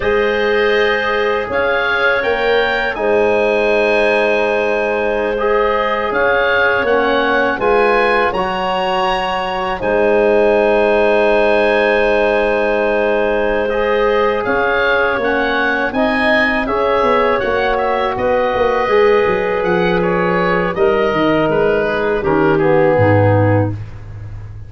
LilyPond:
<<
  \new Staff \with { instrumentName = "oboe" } { \time 4/4 \tempo 4 = 81 dis''2 f''4 g''4 | gis''2.~ gis''16 dis''8.~ | dis''16 f''4 fis''4 gis''4 ais''8.~ | ais''4~ ais''16 gis''2~ gis''8.~ |
gis''2~ gis''8 dis''4 f''8~ | f''8 fis''4 gis''4 e''4 fis''8 | e''8 dis''2 fis''8 cis''4 | dis''4 b'4 ais'8 gis'4. | }
  \new Staff \with { instrumentName = "clarinet" } { \time 4/4 c''2 cis''2 | c''1~ | c''16 cis''2 b'4 cis''8.~ | cis''4~ cis''16 c''2~ c''8.~ |
c''2.~ c''8 cis''8~ | cis''4. dis''4 cis''4.~ | cis''8 b'2.~ b'8 | ais'4. gis'8 g'4 dis'4 | }
  \new Staff \with { instrumentName = "trombone" } { \time 4/4 gis'2. ais'4 | dis'2.~ dis'16 gis'8.~ | gis'4~ gis'16 cis'4 f'4 fis'8.~ | fis'4~ fis'16 dis'2~ dis'8.~ |
dis'2~ dis'8 gis'4.~ | gis'8 cis'4 dis'4 gis'4 fis'8~ | fis'4. gis'2~ gis'8 | dis'2 cis'8 b4. | }
  \new Staff \with { instrumentName = "tuba" } { \time 4/4 gis2 cis'4 ais4 | gis1~ | gis16 cis'4 ais4 gis4 fis8.~ | fis4~ fis16 gis2~ gis8.~ |
gis2.~ gis8 cis'8~ | cis'8 ais4 c'4 cis'8 b8 ais8~ | ais8 b8 ais8 gis8 fis8 f4. | g8 dis8 gis4 dis4 gis,4 | }
>>